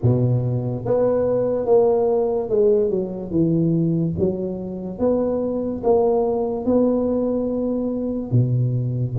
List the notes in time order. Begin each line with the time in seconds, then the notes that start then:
0.02 B2
0.85 B3
1.65 A#3
2.49 G#3
2.89 F#3
3.30 E3
4.18 F#3
4.98 B3
5.83 A#3
6.65 B3
8.31 B2